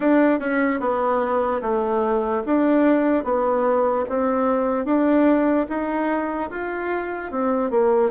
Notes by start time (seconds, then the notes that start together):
0.00 D4
0.39 C#4
0.80 B3
1.61 A3
2.45 D4
3.24 B3
4.09 C4
4.85 D4
5.68 D#4
6.50 F4
7.31 C4
7.70 A#3